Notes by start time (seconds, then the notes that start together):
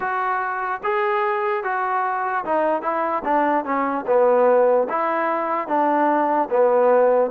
0.00 F#4
0.83 G#4
1.63 F#4
2.44 D#4
2.82 E4
3.24 D4
3.64 C#4
4.06 B3
4.89 E4
5.68 D4
6.50 B3